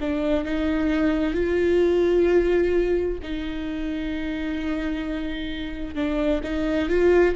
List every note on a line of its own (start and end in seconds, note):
0.00 0.44 D4
0.44 1.33 D#4
1.33 3.18 F4
3.22 5.95 D#4
5.95 6.41 D4
6.43 6.89 D#4
6.89 7.35 F4